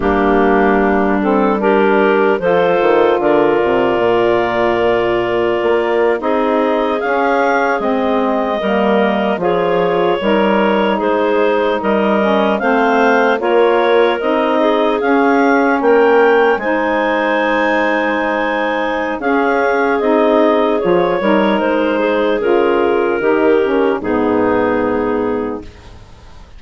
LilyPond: <<
  \new Staff \with { instrumentName = "clarinet" } { \time 4/4 \tempo 4 = 75 g'4. a'8 ais'4 c''4 | d''2.~ d''8. dis''16~ | dis''8. f''4 dis''2 cis''16~ | cis''4.~ cis''16 c''4 dis''4 f''16~ |
f''8. cis''4 dis''4 f''4 g''16~ | g''8. gis''2.~ gis''16 | f''4 dis''4 cis''4 c''4 | ais'2 gis'2 | }
  \new Staff \with { instrumentName = "clarinet" } { \time 4/4 d'2 g'4 a'4 | ais'2.~ ais'8. gis'16~ | gis'2~ gis'8. ais'4 gis'16~ | gis'8. ais'4 gis'4 ais'4 c''16~ |
c''8. ais'4. gis'4. ais'16~ | ais'8. c''2.~ c''16 | gis'2~ gis'8 ais'4 gis'8~ | gis'4 g'4 dis'2 | }
  \new Staff \with { instrumentName = "saxophone" } { \time 4/4 ais4. c'8 d'4 f'4~ | f'2.~ f'8. dis'16~ | dis'8. cis'4 c'4 ais4 f'16~ | f'8. dis'2~ dis'8 cis'8 c'16~ |
c'8. f'4 dis'4 cis'4~ cis'16~ | cis'8. dis'2.~ dis'16 | cis'4 dis'4 f'8 dis'4. | f'4 dis'8 cis'8 b2 | }
  \new Staff \with { instrumentName = "bassoon" } { \time 4/4 g2. f8 dis8 | d8 c8 ais,2 ais8. c'16~ | c'8. cis'4 gis4 g4 f16~ | f8. g4 gis4 g4 a16~ |
a8. ais4 c'4 cis'4 ais16~ | ais8. gis2.~ gis16 | cis'4 c'4 f8 g8 gis4 | cis4 dis4 gis,2 | }
>>